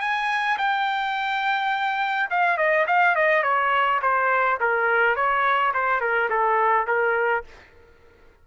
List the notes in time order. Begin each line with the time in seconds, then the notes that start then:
0.00 G#5
0.58 G5
2.30 F5
2.57 D#5
2.87 F5
3.15 D#5
3.43 C#5
4.02 C5
4.60 A#4
5.16 C#5
5.74 C5
6.01 A#4
6.30 A4
6.87 A#4